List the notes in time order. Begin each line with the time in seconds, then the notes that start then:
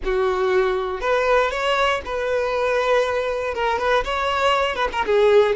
0.04 F#4
1.01 B4
1.50 C#5
2.05 B4
3.54 A#4
3.78 B4
4.04 C#5
4.75 B4
4.92 A#4
5.06 G#4